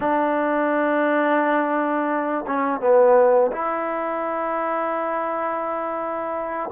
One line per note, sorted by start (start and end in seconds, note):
0.00 2.45 D4
2.46 2.80 C#4
2.80 3.51 B3
3.52 6.69 E4